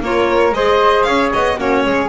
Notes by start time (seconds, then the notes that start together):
0.00 A#3 F4 A#4 C#5
0.51 G#3 G#4 C5 D#5
1.03 C#4 C#5 F5
1.33 B3 D#5
1.56 A#3 C#4 F#4 C#5
1.85 G#3 G#4